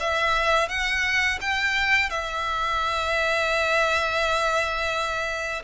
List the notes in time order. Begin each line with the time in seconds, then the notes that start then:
0.00 E5
0.69 F#5
1.41 G5
2.10 E5